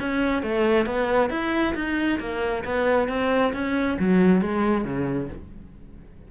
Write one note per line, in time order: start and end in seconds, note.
0.00 0.43 C#4
0.43 0.86 A3
0.86 1.30 B3
1.30 1.75 E4
1.75 2.19 D#4
2.20 2.64 A#3
2.65 3.09 B3
3.09 3.53 C4
3.54 3.98 C#4
3.99 4.42 F#3
4.42 4.85 G#3
4.85 5.29 C#3